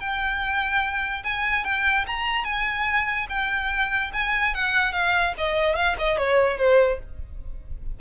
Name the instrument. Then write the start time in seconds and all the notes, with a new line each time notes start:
violin
0.00 G5
1.24 G#5
1.64 G5
2.07 A#5
2.45 G#5
3.29 G5
4.13 G#5
4.54 F#5
4.92 F5
5.38 D#5
5.76 F5
5.99 D#5
6.18 C#5
6.58 C5